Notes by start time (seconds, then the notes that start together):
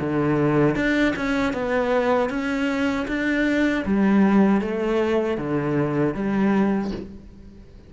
0.00 D3
0.76 D4
1.16 C#4
1.53 B3
2.29 C#4
3.07 D4
3.85 G3
4.61 A3
5.37 D3
6.14 G3